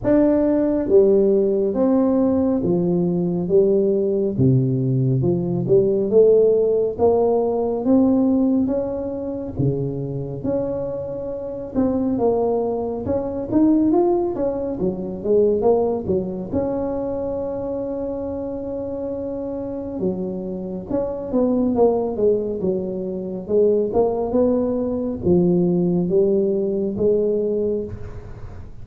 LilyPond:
\new Staff \with { instrumentName = "tuba" } { \time 4/4 \tempo 4 = 69 d'4 g4 c'4 f4 | g4 c4 f8 g8 a4 | ais4 c'4 cis'4 cis4 | cis'4. c'8 ais4 cis'8 dis'8 |
f'8 cis'8 fis8 gis8 ais8 fis8 cis'4~ | cis'2. fis4 | cis'8 b8 ais8 gis8 fis4 gis8 ais8 | b4 f4 g4 gis4 | }